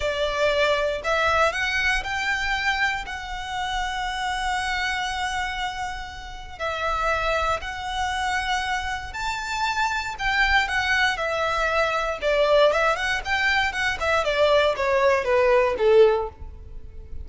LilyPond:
\new Staff \with { instrumentName = "violin" } { \time 4/4 \tempo 4 = 118 d''2 e''4 fis''4 | g''2 fis''2~ | fis''1~ | fis''4 e''2 fis''4~ |
fis''2 a''2 | g''4 fis''4 e''2 | d''4 e''8 fis''8 g''4 fis''8 e''8 | d''4 cis''4 b'4 a'4 | }